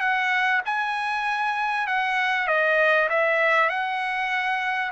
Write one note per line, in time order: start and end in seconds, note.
0.00 0.61 F#5
0.65 1.87 G#5
1.87 2.47 F#5
2.47 3.08 D#5
3.09 3.69 E5
3.69 4.92 F#5